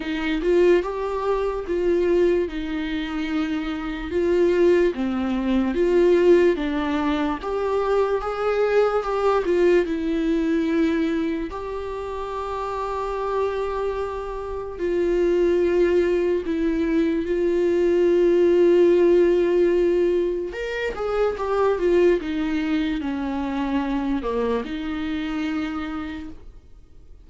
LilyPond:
\new Staff \with { instrumentName = "viola" } { \time 4/4 \tempo 4 = 73 dis'8 f'8 g'4 f'4 dis'4~ | dis'4 f'4 c'4 f'4 | d'4 g'4 gis'4 g'8 f'8 | e'2 g'2~ |
g'2 f'2 | e'4 f'2.~ | f'4 ais'8 gis'8 g'8 f'8 dis'4 | cis'4. ais8 dis'2 | }